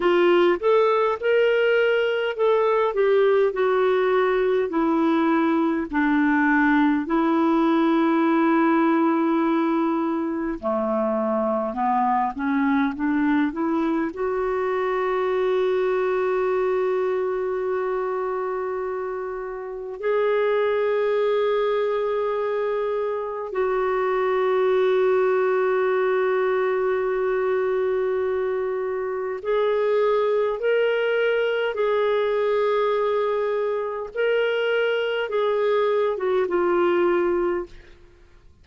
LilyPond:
\new Staff \with { instrumentName = "clarinet" } { \time 4/4 \tempo 4 = 51 f'8 a'8 ais'4 a'8 g'8 fis'4 | e'4 d'4 e'2~ | e'4 a4 b8 cis'8 d'8 e'8 | fis'1~ |
fis'4 gis'2. | fis'1~ | fis'4 gis'4 ais'4 gis'4~ | gis'4 ais'4 gis'8. fis'16 f'4 | }